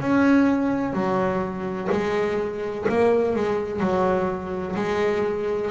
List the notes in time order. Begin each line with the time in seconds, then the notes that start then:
0.00 C#4
0.93 F#3
1.91 G#3
2.89 A#3
3.35 G#3
3.80 F#3
4.75 G#3